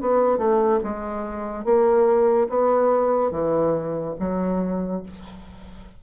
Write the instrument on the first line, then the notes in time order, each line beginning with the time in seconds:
bassoon
0.00 B3
0.37 A3
0.83 G#3
1.64 A#3
2.48 B3
3.31 E3
4.19 F#3